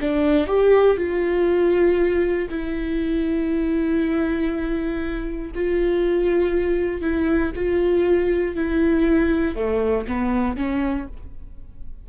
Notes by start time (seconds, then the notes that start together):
0.00 D4
0.47 G4
0.97 F4
2.49 E4
5.54 F4
7.01 E4
7.55 F4
8.55 E4
9.55 A3
10.07 B3
10.56 C#4